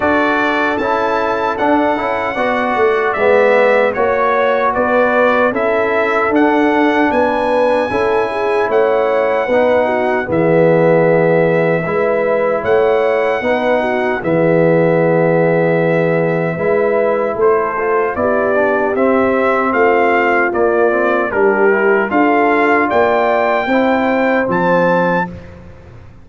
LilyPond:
<<
  \new Staff \with { instrumentName = "trumpet" } { \time 4/4 \tempo 4 = 76 d''4 a''4 fis''2 | e''4 cis''4 d''4 e''4 | fis''4 gis''2 fis''4~ | fis''4 e''2. |
fis''2 e''2~ | e''2 c''4 d''4 | e''4 f''4 d''4 ais'4 | f''4 g''2 a''4 | }
  \new Staff \with { instrumentName = "horn" } { \time 4/4 a'2. d''4~ | d''4 cis''4 b'4 a'4~ | a'4 b'4 a'8 gis'8 cis''4 | b'8 fis'8 gis'2 b'4 |
cis''4 b'8 fis'8 gis'2~ | gis'4 b'4 a'4 g'4~ | g'4 f'2 g'4 | a'4 d''4 c''2 | }
  \new Staff \with { instrumentName = "trombone" } { \time 4/4 fis'4 e'4 d'8 e'8 fis'4 | b4 fis'2 e'4 | d'2 e'2 | dis'4 b2 e'4~ |
e'4 dis'4 b2~ | b4 e'4. f'8 e'8 d'8 | c'2 ais8 c'8 d'8 e'8 | f'2 e'4 c'4 | }
  \new Staff \with { instrumentName = "tuba" } { \time 4/4 d'4 cis'4 d'8 cis'8 b8 a8 | gis4 ais4 b4 cis'4 | d'4 b4 cis'4 a4 | b4 e2 gis4 |
a4 b4 e2~ | e4 gis4 a4 b4 | c'4 a4 ais4 g4 | d'4 ais4 c'4 f4 | }
>>